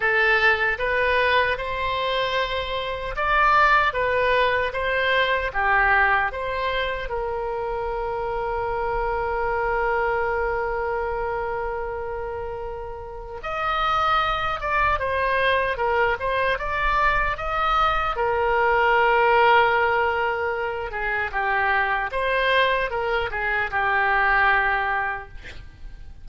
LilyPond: \new Staff \with { instrumentName = "oboe" } { \time 4/4 \tempo 4 = 76 a'4 b'4 c''2 | d''4 b'4 c''4 g'4 | c''4 ais'2.~ | ais'1~ |
ais'4 dis''4. d''8 c''4 | ais'8 c''8 d''4 dis''4 ais'4~ | ais'2~ ais'8 gis'8 g'4 | c''4 ais'8 gis'8 g'2 | }